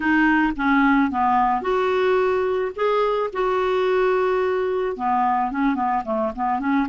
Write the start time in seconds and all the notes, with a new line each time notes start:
0.00 D#4
0.56 C#4
1.10 B3
1.61 F#4
2.75 G#4
3.33 F#4
4.96 B3
5.51 C#4
5.75 B3
6.04 A3
6.35 B3
6.59 C#4